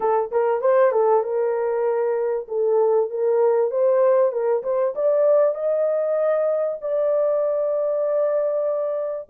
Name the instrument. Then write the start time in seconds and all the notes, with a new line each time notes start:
horn
0.00 A4
0.31 A#4
0.61 C5
0.92 A4
1.23 A#4
2.48 A4
3.09 A#4
3.71 C5
4.32 A#4
4.63 C5
4.95 D5
5.54 D#5
6.81 D5